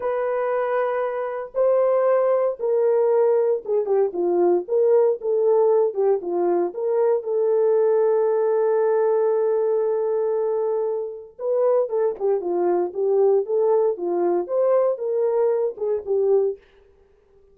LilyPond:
\new Staff \with { instrumentName = "horn" } { \time 4/4 \tempo 4 = 116 b'2. c''4~ | c''4 ais'2 gis'8 g'8 | f'4 ais'4 a'4. g'8 | f'4 ais'4 a'2~ |
a'1~ | a'2 b'4 a'8 g'8 | f'4 g'4 a'4 f'4 | c''4 ais'4. gis'8 g'4 | }